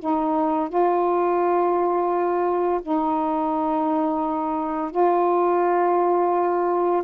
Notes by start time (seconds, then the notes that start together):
0.00 D#4
0.69 F4
2.83 D#4
4.92 F4